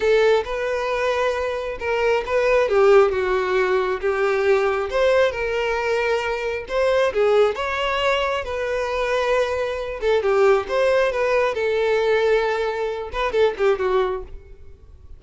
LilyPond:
\new Staff \with { instrumentName = "violin" } { \time 4/4 \tempo 4 = 135 a'4 b'2. | ais'4 b'4 g'4 fis'4~ | fis'4 g'2 c''4 | ais'2. c''4 |
gis'4 cis''2 b'4~ | b'2~ b'8 a'8 g'4 | c''4 b'4 a'2~ | a'4. b'8 a'8 g'8 fis'4 | }